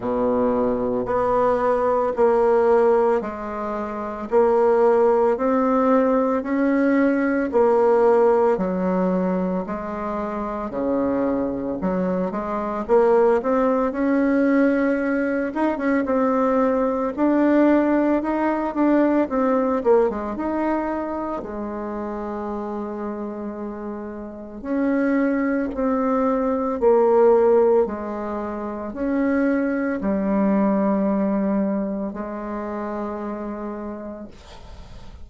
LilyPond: \new Staff \with { instrumentName = "bassoon" } { \time 4/4 \tempo 4 = 56 b,4 b4 ais4 gis4 | ais4 c'4 cis'4 ais4 | fis4 gis4 cis4 fis8 gis8 | ais8 c'8 cis'4. dis'16 cis'16 c'4 |
d'4 dis'8 d'8 c'8 ais16 gis16 dis'4 | gis2. cis'4 | c'4 ais4 gis4 cis'4 | g2 gis2 | }